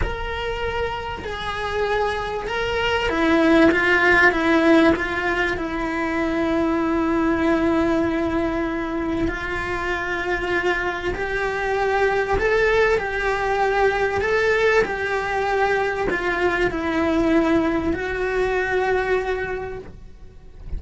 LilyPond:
\new Staff \with { instrumentName = "cello" } { \time 4/4 \tempo 4 = 97 ais'2 gis'2 | ais'4 e'4 f'4 e'4 | f'4 e'2.~ | e'2. f'4~ |
f'2 g'2 | a'4 g'2 a'4 | g'2 f'4 e'4~ | e'4 fis'2. | }